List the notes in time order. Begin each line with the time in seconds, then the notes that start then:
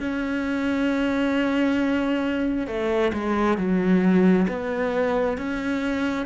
0.00 C#4
2.67 A3
3.13 G#3
3.57 F#3
4.48 B3
5.38 C#4